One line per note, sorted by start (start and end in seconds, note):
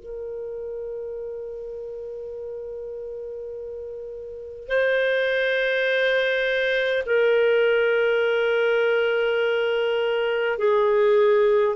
0.00 4.68 A#4
4.68 7.03 C5
7.06 10.58 A#4
10.58 11.76 G#4